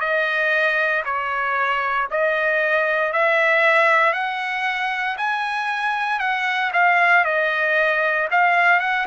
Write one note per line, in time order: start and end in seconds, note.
0.00 1.03 D#5
1.04 2.08 C#5
2.11 3.12 D#5
3.12 4.13 E5
4.13 5.16 F#5
5.17 6.19 G#5
6.19 6.71 F#5
6.73 7.25 F5
7.25 8.28 D#5
8.31 8.80 F5
8.80 9.06 F#5